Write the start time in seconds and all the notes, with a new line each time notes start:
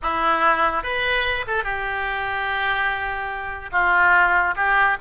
0.02 E4
0.83 B4
1.47 A4
1.63 G4
3.72 F4
4.55 G4